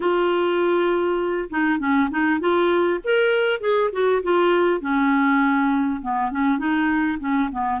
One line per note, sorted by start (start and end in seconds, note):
0.00 1.49 F4
1.50 1.79 D#4
1.79 2.09 C#4
2.10 2.40 D#4
2.40 3.00 F4
3.04 3.60 A#4
3.60 3.90 G#4
3.92 4.22 F#4
4.22 4.81 F4
4.81 6.01 C#4
6.01 6.31 B3
6.31 6.58 C#4
6.58 7.18 D#4
7.19 7.49 C#4
7.51 7.80 B3